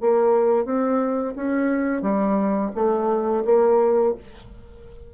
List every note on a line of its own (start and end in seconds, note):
0.00 0.65 A#3
0.65 1.34 C4
1.35 2.01 C#4
2.01 2.70 G3
2.75 3.44 A3
3.45 4.14 A#3